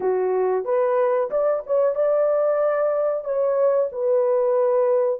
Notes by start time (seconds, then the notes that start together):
0.00 F#4
0.64 B4
1.30 D5
1.66 C#5
1.95 D5
3.24 C#5
3.92 B4